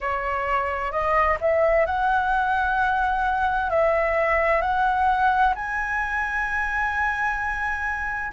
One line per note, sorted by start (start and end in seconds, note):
0.00 0.91 C#5
0.91 1.37 D#5
1.41 1.85 E5
1.85 3.69 F#5
3.69 4.61 E5
4.61 5.53 F#5
5.55 8.32 G#5